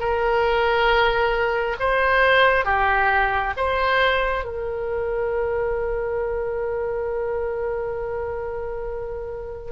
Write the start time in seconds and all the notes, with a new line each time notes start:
0.00 A#4
1.80 C5
2.66 G4
3.57 C5
4.45 A#4